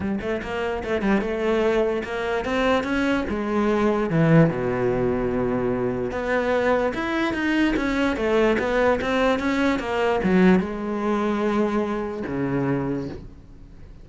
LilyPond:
\new Staff \with { instrumentName = "cello" } { \time 4/4 \tempo 4 = 147 g8 a8 ais4 a8 g8 a4~ | a4 ais4 c'4 cis'4 | gis2 e4 b,4~ | b,2. b4~ |
b4 e'4 dis'4 cis'4 | a4 b4 c'4 cis'4 | ais4 fis4 gis2~ | gis2 cis2 | }